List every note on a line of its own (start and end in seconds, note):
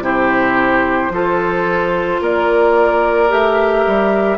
0.00 1.09 C3
0.00 1.11 E4
0.00 1.12 G4
0.00 2.22 C5
1.10 2.19 F3
1.10 3.28 F4
1.10 2.21 A4
2.21 3.30 A#3
2.21 4.37 A#4
2.21 3.32 D5
3.28 3.85 A3
3.28 4.37 G4
3.28 4.37 E5
3.86 4.37 G3